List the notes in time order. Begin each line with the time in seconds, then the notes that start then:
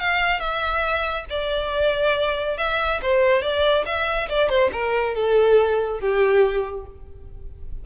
0.00 F5
0.40 E5
1.30 D5
2.58 E5
3.02 C5
3.42 D5
3.86 E5
4.29 D5
4.49 C5
4.73 A#4
5.15 A4
6.00 G4